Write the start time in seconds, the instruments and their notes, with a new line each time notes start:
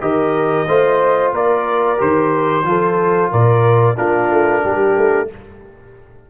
0.00 tuba D#3, trombone G4, horn A#4, trumpet D#5
0.67 tuba A3, trombone F4, horn C5
1.32 tuba A#3, horn A#4, trumpet D5
1.97 tuba D#3, trombone G4, trumpet C5
2.63 tuba F3, trombone F4, horn A4
3.31 tuba A#2, horn A#4, trumpet D5
3.95 tuba A#3, trombone D4, horn F4, trumpet A#4
4.30 tuba A3
4.62 tuba G3, horn G4
4.96 tuba A3